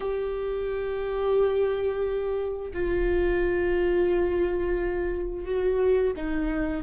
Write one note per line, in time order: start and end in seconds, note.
0.00 2.71 G4
2.73 5.45 F4
5.45 6.13 F#4
6.16 6.83 D#4